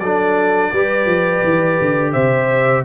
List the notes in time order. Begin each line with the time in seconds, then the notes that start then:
0.00 F#3 D4 A4 D5
0.72 G3 G4 B4
1.06 F3
1.44 E3
1.81 D3
2.13 C3 C5 E5